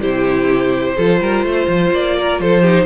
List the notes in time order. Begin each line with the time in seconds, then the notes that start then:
0.00 C3 E4 G4 C5
0.96 F3 F4 A4
1.20 G3 A#4
1.43 A3 C5
1.67 F3
1.91 A#3 D5
2.17 A#4
2.39 F3 A4 C5
2.61 D#4 G4